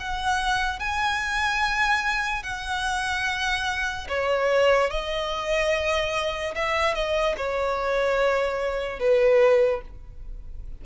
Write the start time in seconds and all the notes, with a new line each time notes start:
0.00 F#5
0.80 G#5
2.43 F#5
4.09 C#5
4.91 D#5
6.55 E5
6.95 D#5
7.37 C#5
8.99 B4